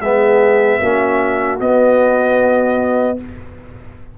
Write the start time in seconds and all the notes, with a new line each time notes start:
0.00 G#3 B3 G#4 E5
0.79 A#3 C#4 F#4
1.60 B3 D#5